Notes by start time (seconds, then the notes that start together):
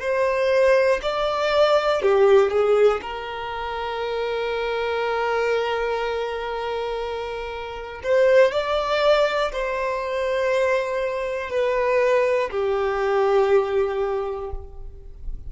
0.00 C5
1.02 D5
2.02 G4
2.51 G#4
3.01 A#4
8.03 C5
8.52 D5
9.52 C5
11.50 B4
12.50 G4